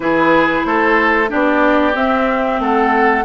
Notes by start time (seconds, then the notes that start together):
0.00 E3 E4 G#4 B4
0.64 A3 A4 C5
1.28 B3 D4 G4 D5
1.94 C4 E5
2.59 A3 A4 F#5